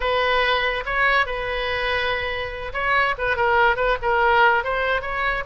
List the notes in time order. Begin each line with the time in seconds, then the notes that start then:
0.00 B4
0.85 C#5
1.26 B4
2.73 C#5
3.18 B4
3.36 A#4
3.76 B4
4.02 A#4
4.64 C5
5.01 C#5